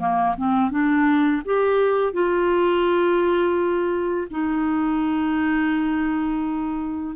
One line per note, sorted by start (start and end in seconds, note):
0.00 0.36 A#3
0.38 0.71 C4
0.71 1.43 D4
1.45 2.13 G4
2.13 4.28 F4
4.31 7.16 D#4